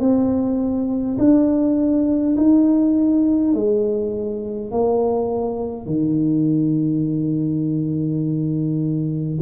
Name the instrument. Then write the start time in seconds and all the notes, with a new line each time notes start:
tuba
0.00 C4
1.19 D4
2.37 D#4
3.54 G#3
4.72 A#3
5.86 D#3